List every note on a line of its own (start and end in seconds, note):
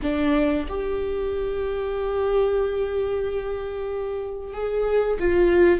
0.02 0.67 D4
0.68 4.53 G4
4.53 5.18 G#4
5.19 5.80 F4